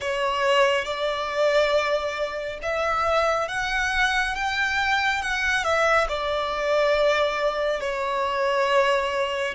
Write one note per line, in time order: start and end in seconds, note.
0.00 0.85 C#5
0.85 2.58 D5
2.62 3.48 E5
3.48 4.35 F#5
4.35 5.22 G5
5.22 5.64 F#5
5.64 6.07 E5
6.08 7.80 D5
7.80 9.54 C#5